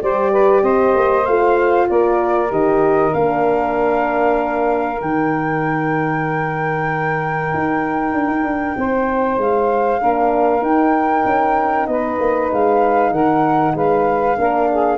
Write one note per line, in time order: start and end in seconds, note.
0.00 0.63 G3
0.00 1.25 G4
0.00 0.32 C5
0.00 0.64 D5
0.32 0.63 B4
0.63 0.94 C4
0.63 1.88 C5
0.63 1.26 D#5
0.95 1.26 A#3
1.26 1.89 A3
1.26 2.50 F4
1.26 1.88 F5
1.90 2.52 A#3
1.90 8.77 A#4
1.90 2.52 D5
2.50 3.14 D#3
2.50 3.12 G4
2.50 3.14 D#5
3.14 5.02 A#3
3.14 4.99 D4
3.14 5.02 F5
4.99 7.52 D#3
4.99 9.99 D#4
4.99 9.40 G5
7.54 8.14 D#4
8.14 8.28 D4
8.28 8.44 D#4
8.44 8.75 D4
8.77 9.38 C4
8.77 10.01 C5
9.38 10.00 G#3
9.38 10.64 F5
10.01 10.62 A#3
10.01 10.64 D4
10.01 11.89 A#4
10.62 11.24 D#4
10.62 14.37 D#4
10.62 11.87 G5
11.25 11.88 C#4
11.87 12.19 B3
11.87 13.12 B4
11.87 12.50 D#5
12.20 12.51 A#3
12.53 13.11 G#3
12.53 13.13 F5
13.11 13.74 D#3
13.11 13.75 A#4
13.11 13.76 F#5
13.75 14.38 G#3
13.75 14.39 B4
13.75 14.99 F5
14.37 14.99 A#3
14.37 14.99 D4
14.37 14.71 A#4
14.72 14.99 G#4